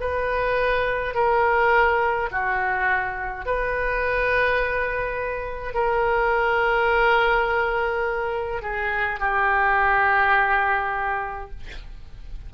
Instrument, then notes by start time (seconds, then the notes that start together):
oboe
0.00 B4
1.14 A#4
2.31 F#4
3.46 B4
5.74 A#4
8.62 G#4
9.19 G4